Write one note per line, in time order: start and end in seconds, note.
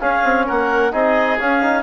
0.00 0.92 C#4
0.00 0.24 C#4
0.00 0.46 G#4
0.00 0.46 F5
0.24 0.46 C4
0.46 0.93 A#3
0.46 0.92 A#4
0.46 0.93 F#5
0.92 1.39 C4
0.92 1.38 D#4
0.92 1.83 G#4
0.92 1.39 D#5
1.39 1.62 C#4
1.39 1.83 C#4
1.39 1.83 F5
1.62 1.83 D#4